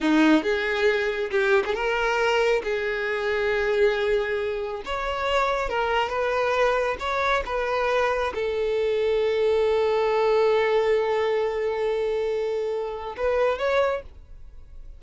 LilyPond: \new Staff \with { instrumentName = "violin" } { \time 4/4 \tempo 4 = 137 dis'4 gis'2 g'8. gis'16 | ais'2 gis'2~ | gis'2. cis''4~ | cis''4 ais'4 b'2 |
cis''4 b'2 a'4~ | a'1~ | a'1~ | a'2 b'4 cis''4 | }